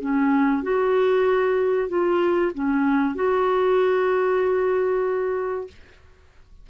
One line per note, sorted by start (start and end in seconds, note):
0.00 0.63 C#4
0.63 1.88 F#4
1.88 2.51 F4
2.54 3.15 C#4
3.15 5.68 F#4